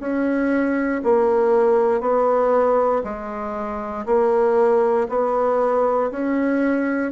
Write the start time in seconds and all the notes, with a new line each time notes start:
0.00 C#4
1.04 A#3
2.01 B3
3.04 G#3
4.06 A#3
5.09 B3
6.11 C#4